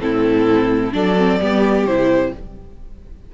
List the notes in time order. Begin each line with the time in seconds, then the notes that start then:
0.00 A2 C4 E4 A4
0.92 F#3 D4 A4 D5
1.18 C4
1.40 G3 B3 G4
1.86 C3 E4 C5